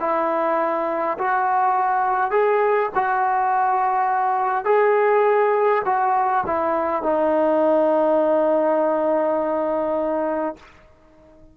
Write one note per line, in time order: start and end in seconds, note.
0.00 1.18 E4
1.18 2.31 F#4
2.31 2.90 G#4
2.95 4.65 F#4
4.65 5.82 G#4
5.86 6.44 F#4
6.47 7.03 E4
7.03 10.56 D#4